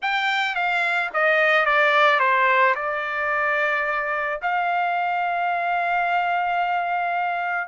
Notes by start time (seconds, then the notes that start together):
0.02 G5
0.55 F5
1.13 D#5
1.65 D5
2.19 C5
2.75 D5
4.42 F5